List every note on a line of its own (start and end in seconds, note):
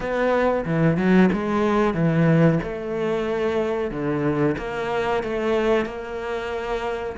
0.00 0.64 B3
0.65 0.97 E3
0.97 1.29 F#3
1.32 1.94 G#3
1.94 2.59 E3
2.62 3.90 A3
3.90 4.56 D3
4.57 5.23 A#3
5.23 5.85 A3
5.85 7.16 A#3